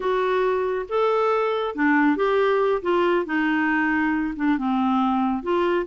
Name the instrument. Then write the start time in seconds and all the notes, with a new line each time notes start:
clarinet
0.00 F#4
0.89 A4
1.75 D4
2.16 G4
2.82 F4
3.25 D#4
4.36 D4
4.58 C4
5.42 F4